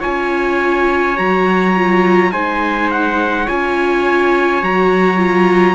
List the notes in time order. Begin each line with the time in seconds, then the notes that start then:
0.00 C#4 F4 C#5 G#5
1.17 F#3 F#4 A#5
1.76 F4
2.32 G#3 D#4 C5 G#5
2.91 F#5
3.45 C#4 F4 C#5 G#5
4.62 F#3 F#4 A#5
5.17 F4